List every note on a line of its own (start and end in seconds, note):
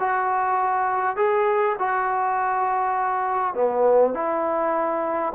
0.00 1.17 F#4
1.17 1.76 G#4
1.79 3.55 F#4
3.55 4.14 B3
4.14 5.33 E4